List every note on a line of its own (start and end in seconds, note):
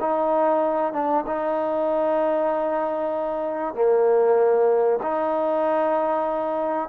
0.00 0.93 D#4
0.93 1.24 D4
1.26 3.74 D#4
3.74 4.99 A#3
5.02 6.88 D#4